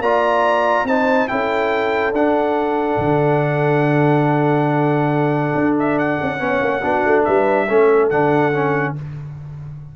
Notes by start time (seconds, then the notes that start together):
0.00 A#3 F4 D5 A#5
0.84 C4 D#4 C5 A5
1.28 C#4 E4 A4 G5
2.13 D4 F#5
2.98 D3
5.55 D4
5.79 E5
5.98 F#5
6.22 C#4
6.39 B3 C#4 C#5
6.62 A#3
6.82 B3 D4 F#4
7.05 A3
7.24 G3 B4 E5
7.68 A3 C#4 A4
8.10 D3 D4 F#5
8.53 C#4